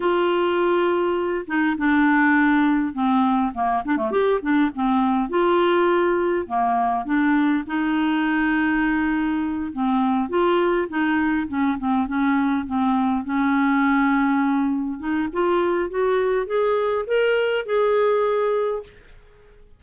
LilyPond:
\new Staff \with { instrumentName = "clarinet" } { \time 4/4 \tempo 4 = 102 f'2~ f'8 dis'8 d'4~ | d'4 c'4 ais8 d'16 a16 g'8 d'8 | c'4 f'2 ais4 | d'4 dis'2.~ |
dis'8 c'4 f'4 dis'4 cis'8 | c'8 cis'4 c'4 cis'4.~ | cis'4. dis'8 f'4 fis'4 | gis'4 ais'4 gis'2 | }